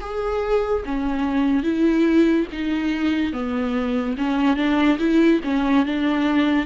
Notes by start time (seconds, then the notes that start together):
0.00 G#4
0.85 C#4
1.62 E4
2.52 D#4
3.33 B3
4.17 C#4
4.56 D4
4.98 E4
5.44 C#4
5.85 D4